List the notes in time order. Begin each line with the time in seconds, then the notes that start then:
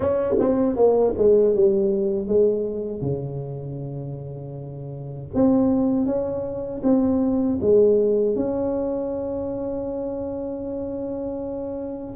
0.00 C#4
0.39 C4
0.76 A#3
1.17 G#3
1.55 G3
2.27 G#3
3.01 C#3
5.34 C4
6.06 C#4
6.83 C4
7.61 G#3
8.35 C#4